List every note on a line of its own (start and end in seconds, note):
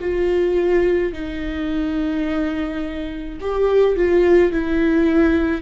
0.00 1.13 F4
1.13 3.39 D#4
3.41 3.96 G4
3.96 4.52 F4
4.52 5.61 E4